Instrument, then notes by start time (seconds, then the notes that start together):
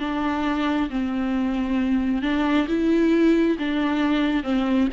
viola
0.00 D4
0.90 C4
2.23 D4
2.68 E4
3.59 D4
4.44 C4